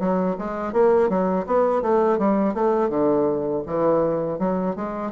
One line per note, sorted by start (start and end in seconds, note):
0.00 0.37 F#3
0.39 0.73 G#3
0.73 1.09 A#3
1.09 1.46 F#3
1.47 1.82 B3
1.82 2.19 A3
2.19 2.54 G3
2.54 2.90 A3
2.90 3.63 D3
3.67 4.39 E3
4.39 4.76 F#3
4.76 5.12 G#3